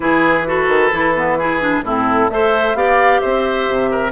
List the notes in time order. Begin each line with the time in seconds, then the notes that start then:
0.00 E3 E4 G#4 B4
0.46 F#4 A4
0.68 D#3
0.91 E3 E4
1.16 B3
1.38 E4 G#4
1.60 D4
1.82 A2 C4 E4 A4
2.30 A3 A4 C5 E5
2.74 B3 G4 D5 F5
3.20 C4 C5 E5
3.68 C3
3.90 A#4